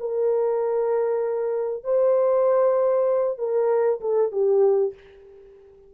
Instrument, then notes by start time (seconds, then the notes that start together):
horn
0.00 A#4
1.84 C5
3.39 A#4
4.01 A4
4.32 G4